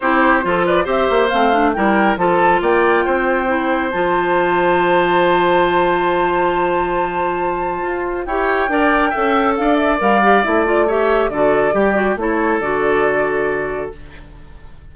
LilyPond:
<<
  \new Staff \with { instrumentName = "flute" } { \time 4/4 \tempo 4 = 138 c''4. d''8 e''4 f''4 | g''4 a''4 g''2~ | g''4 a''2.~ | a''1~ |
a''2. g''4~ | g''2 f''8 e''8 f''4 | e''8 d''8 e''4 d''2 | cis''4 d''2. | }
  \new Staff \with { instrumentName = "oboe" } { \time 4/4 g'4 a'8 b'8 c''2 | ais'4 a'4 d''4 c''4~ | c''1~ | c''1~ |
c''2. cis''4 | d''4 e''4 d''2~ | d''4 cis''4 a'4 g'4 | a'1 | }
  \new Staff \with { instrumentName = "clarinet" } { \time 4/4 e'4 f'4 g'4 c'8 d'8 | e'4 f'2. | e'4 f'2.~ | f'1~ |
f'2. g'4 | ais'4 a'2 ais'8 g'8 | e'8 f'8 g'4 fis'4 g'8 fis'8 | e'4 fis'2. | }
  \new Staff \with { instrumentName = "bassoon" } { \time 4/4 c'4 f4 c'8 ais8 a4 | g4 f4 ais4 c'4~ | c'4 f2.~ | f1~ |
f2 f'4 e'4 | d'4 cis'4 d'4 g4 | a2 d4 g4 | a4 d2. | }
>>